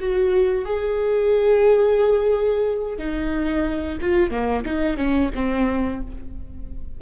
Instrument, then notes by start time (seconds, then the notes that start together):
viola
0.00 F#4
0.65 G#4
2.98 D#4
4.01 F4
4.31 A#3
4.65 D#4
4.97 C#4
5.35 C4